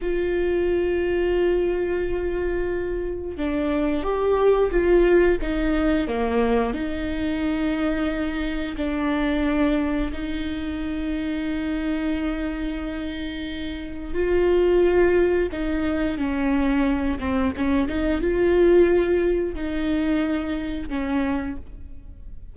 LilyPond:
\new Staff \with { instrumentName = "viola" } { \time 4/4 \tempo 4 = 89 f'1~ | f'4 d'4 g'4 f'4 | dis'4 ais4 dis'2~ | dis'4 d'2 dis'4~ |
dis'1~ | dis'4 f'2 dis'4 | cis'4. c'8 cis'8 dis'8 f'4~ | f'4 dis'2 cis'4 | }